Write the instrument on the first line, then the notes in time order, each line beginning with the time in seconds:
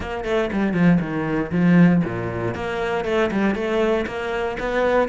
cello
0.00 A#3
0.24 A3
0.52 G3
0.73 F3
1.00 D#3
1.51 F3
2.04 A#2
2.54 A#3
3.04 A3
3.31 G3
3.55 A3
4.06 A#3
4.59 B3